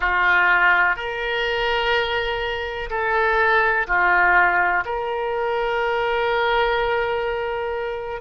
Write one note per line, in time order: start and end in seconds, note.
0.00 0.95 F4
0.95 2.89 A#4
2.90 3.87 A4
3.87 4.84 F4
4.85 8.21 A#4